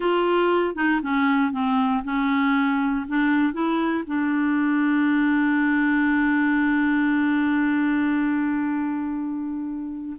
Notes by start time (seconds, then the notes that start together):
0.00 F4
0.75 D#4
1.02 C#4
1.52 C4
2.04 C#4
3.07 D4
3.53 E4
4.06 D4